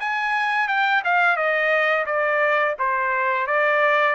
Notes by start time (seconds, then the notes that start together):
0.00 G#5
0.68 G5
1.05 F5
1.36 D#5
2.06 D5
2.79 C5
3.47 D5